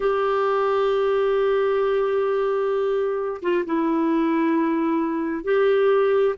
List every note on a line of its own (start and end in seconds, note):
0.00 3.41 G4
3.41 3.64 F4
3.65 5.44 E4
5.44 6.35 G4